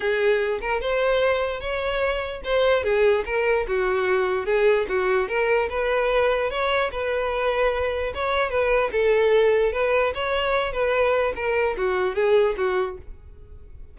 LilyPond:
\new Staff \with { instrumentName = "violin" } { \time 4/4 \tempo 4 = 148 gis'4. ais'8 c''2 | cis''2 c''4 gis'4 | ais'4 fis'2 gis'4 | fis'4 ais'4 b'2 |
cis''4 b'2. | cis''4 b'4 a'2 | b'4 cis''4. b'4. | ais'4 fis'4 gis'4 fis'4 | }